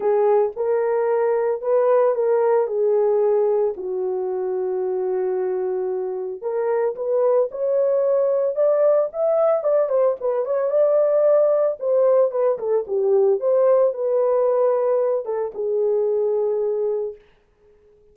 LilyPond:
\new Staff \with { instrumentName = "horn" } { \time 4/4 \tempo 4 = 112 gis'4 ais'2 b'4 | ais'4 gis'2 fis'4~ | fis'1 | ais'4 b'4 cis''2 |
d''4 e''4 d''8 c''8 b'8 cis''8 | d''2 c''4 b'8 a'8 | g'4 c''4 b'2~ | b'8 a'8 gis'2. | }